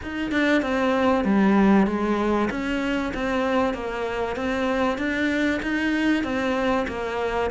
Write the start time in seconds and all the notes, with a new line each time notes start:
0.02 D#4
0.31 D4
0.62 C4
1.24 G3
1.86 G#3
2.50 C#4
3.13 C4
3.74 A#3
4.36 C4
4.97 D4
5.62 D#4
6.23 C4
6.88 A#3